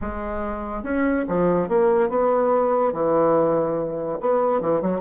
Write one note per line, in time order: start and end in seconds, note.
0.01 0.83 G#3
0.83 1.25 C#4
1.28 1.68 F3
1.68 2.09 A#3
2.09 2.93 B3
2.93 4.18 E3
4.20 4.60 B3
4.60 4.81 E3
4.81 5.00 F#3